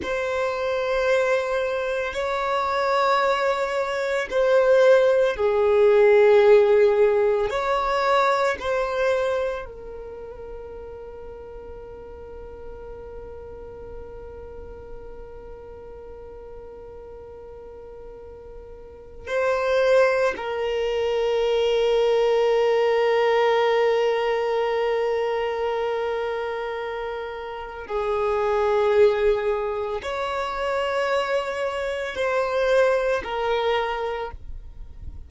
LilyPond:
\new Staff \with { instrumentName = "violin" } { \time 4/4 \tempo 4 = 56 c''2 cis''2 | c''4 gis'2 cis''4 | c''4 ais'2.~ | ais'1~ |
ais'2 c''4 ais'4~ | ais'1~ | ais'2 gis'2 | cis''2 c''4 ais'4 | }